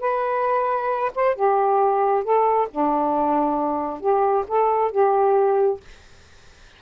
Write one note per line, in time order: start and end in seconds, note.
0.00 1.11 B4
1.15 1.35 C5
1.35 2.24 G4
2.24 2.68 A4
2.71 4.00 D4
4.00 4.44 G4
4.48 4.91 A4
4.91 5.80 G4